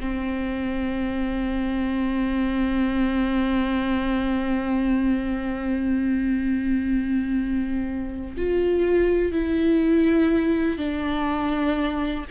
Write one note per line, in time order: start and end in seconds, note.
0.00 8.36 C4
8.37 9.33 F4
9.33 10.78 E4
10.78 12.26 D4